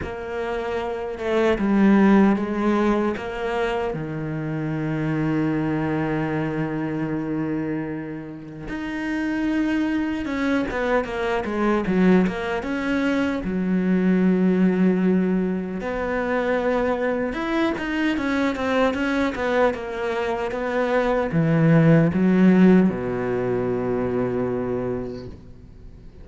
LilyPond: \new Staff \with { instrumentName = "cello" } { \time 4/4 \tempo 4 = 76 ais4. a8 g4 gis4 | ais4 dis2.~ | dis2. dis'4~ | dis'4 cis'8 b8 ais8 gis8 fis8 ais8 |
cis'4 fis2. | b2 e'8 dis'8 cis'8 c'8 | cis'8 b8 ais4 b4 e4 | fis4 b,2. | }